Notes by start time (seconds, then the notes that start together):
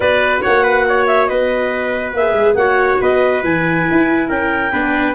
0.00 B3 F#4 B4 D5
0.42 A#3 C#5 F#5
0.63 B4
0.89 C#5
1.06 E5
1.26 B3 B4 D#5
2.13 A#3 G#4 E5
2.32 G#3
2.54 A#3 F#4 C#5 F#5
3.01 B3 B4 D#5
3.43 E3 E4 G#5
3.90 E4
4.28 C#4 A#4 G5
4.72 B3 D4 B4